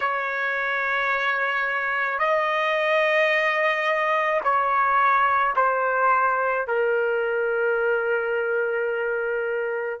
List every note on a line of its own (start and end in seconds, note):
0.00 2.18 C#5
2.18 4.40 D#5
4.43 5.54 C#5
5.56 6.67 C5
6.67 10.00 A#4